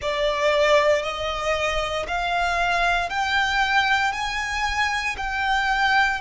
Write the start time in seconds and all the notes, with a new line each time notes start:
0.01 D5
1.02 D#5
2.07 F5
3.09 G5
4.12 G#5
5.17 G5